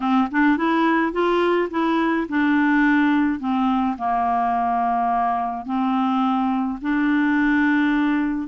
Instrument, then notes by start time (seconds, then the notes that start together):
clarinet
0.00 C4
0.31 D4
0.57 E4
1.12 F4
1.70 E4
2.28 D4
3.39 C4
3.97 A#3
5.65 C4
6.81 D4